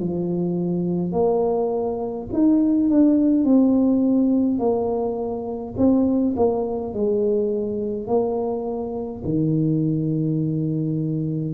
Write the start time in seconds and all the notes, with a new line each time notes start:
0.00 F3
1.12 A#3
2.33 D#4
2.90 D4
3.45 C4
4.59 A#3
5.77 C4
6.36 A#3
6.93 G#3
8.07 A#3
9.25 D#3